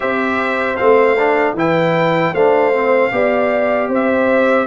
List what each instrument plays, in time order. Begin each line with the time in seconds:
0.00 tuba C4, trombone G4, horn C5, trumpet E5
0.76 tuba A3, trombone C4, trumpet F5
1.18 trombone D4
1.53 tuba E3, trombone E4, horn B4, trumpet G5
2.32 tuba A3, trombone D4, horn C5, trumpet F5
2.73 trombone C4
3.11 tuba B3, trombone G4, horn D5
3.88 tuba C4, horn C5, trumpet E5